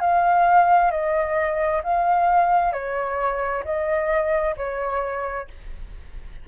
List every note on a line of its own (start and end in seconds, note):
0.00 0.90 F5
0.90 1.81 D#5
1.83 2.72 F5
2.72 3.63 C#5
3.64 4.55 D#5
4.57 5.48 C#5